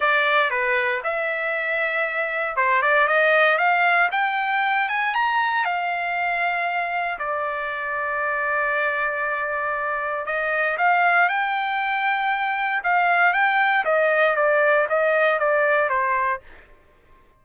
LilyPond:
\new Staff \with { instrumentName = "trumpet" } { \time 4/4 \tempo 4 = 117 d''4 b'4 e''2~ | e''4 c''8 d''8 dis''4 f''4 | g''4. gis''8 ais''4 f''4~ | f''2 d''2~ |
d''1 | dis''4 f''4 g''2~ | g''4 f''4 g''4 dis''4 | d''4 dis''4 d''4 c''4 | }